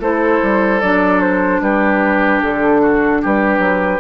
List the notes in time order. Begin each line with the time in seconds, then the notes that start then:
0.00 A3 E4 A4 C5
0.43 G3
0.81 F#3 D4 D5
1.21 C5
1.61 G3 G4 B4
2.43 D3 A4
2.82 F#4
3.22 G3 G4 B4
3.59 F#3